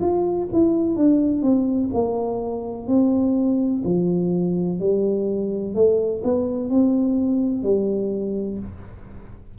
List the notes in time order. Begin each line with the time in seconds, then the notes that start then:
0.00 F4
0.52 E4
0.96 D4
1.42 C4
1.94 A#3
2.87 C4
3.84 F3
4.79 G3
5.74 A3
6.23 B3
6.70 C4
7.63 G3